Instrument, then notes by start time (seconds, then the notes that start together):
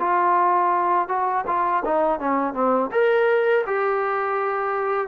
trombone
0.00 F4
1.09 F#4
1.47 F4
1.85 D#4
2.20 C#4
2.54 C4
2.92 A#4
3.67 G4